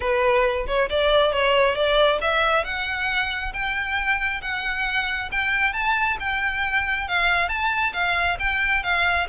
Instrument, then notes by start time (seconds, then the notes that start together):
violin
0.00 B4
0.67 C#5
0.89 D5
1.32 C#5
1.75 D5
2.21 E5
2.64 F#5
3.53 G5
4.41 F#5
5.31 G5
5.73 A5
6.19 G5
7.07 F5
7.48 A5
7.93 F5
8.39 G5
8.83 F5